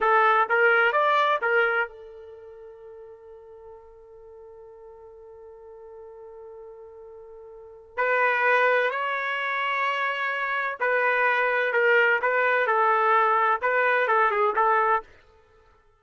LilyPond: \new Staff \with { instrumentName = "trumpet" } { \time 4/4 \tempo 4 = 128 a'4 ais'4 d''4 ais'4 | a'1~ | a'1~ | a'1~ |
a'4 b'2 cis''4~ | cis''2. b'4~ | b'4 ais'4 b'4 a'4~ | a'4 b'4 a'8 gis'8 a'4 | }